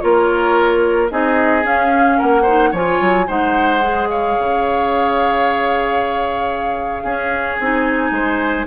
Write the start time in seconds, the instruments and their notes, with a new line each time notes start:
0.00 bassoon A#3, clarinet F4, oboe A#4, flute C#5
1.10 bassoon C4, clarinet D#4, oboe G#4, flute D#5
1.62 clarinet C#4, bassoon C#4, flute F5
2.17 bassoon A#3, oboe A#4, flute F#5
2.42 clarinet D#4, oboe C5
2.71 bassoon F3, clarinet F4, oboe C#5, flute G#5
3.00 bassoon F#3
3.27 bassoon G#3, clarinet D#4, oboe C5, flute F#5
3.82 clarinet G#4
4.07 oboe C#5, flute F5
4.39 bassoon C#3
7.03 bassoon C#4, clarinet C#4, oboe G#4
7.57 bassoon C4, clarinet D#4, flute G#5
8.10 bassoon G#3, oboe C5